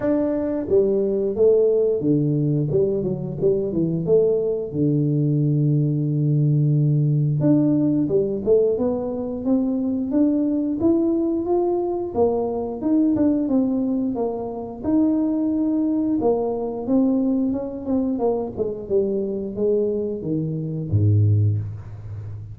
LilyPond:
\new Staff \with { instrumentName = "tuba" } { \time 4/4 \tempo 4 = 89 d'4 g4 a4 d4 | g8 fis8 g8 e8 a4 d4~ | d2. d'4 | g8 a8 b4 c'4 d'4 |
e'4 f'4 ais4 dis'8 d'8 | c'4 ais4 dis'2 | ais4 c'4 cis'8 c'8 ais8 gis8 | g4 gis4 dis4 gis,4 | }